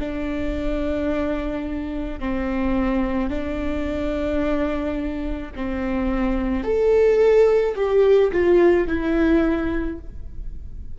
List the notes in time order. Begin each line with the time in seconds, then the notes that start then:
0.00 D4
2.20 C4
3.30 D4
5.56 C4
6.64 A4
7.76 G4
8.32 F4
8.88 E4